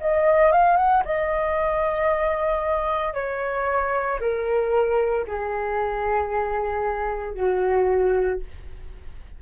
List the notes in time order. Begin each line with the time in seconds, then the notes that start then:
0.00 D#5
0.52 F5
0.77 F#5
1.05 D#5
3.14 C#5
4.20 A#4
5.27 G#4
7.34 F#4